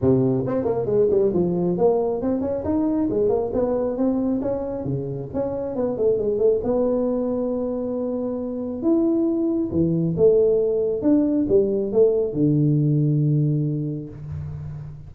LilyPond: \new Staff \with { instrumentName = "tuba" } { \time 4/4 \tempo 4 = 136 c4 c'8 ais8 gis8 g8 f4 | ais4 c'8 cis'8 dis'4 gis8 ais8 | b4 c'4 cis'4 cis4 | cis'4 b8 a8 gis8 a8 b4~ |
b1 | e'2 e4 a4~ | a4 d'4 g4 a4 | d1 | }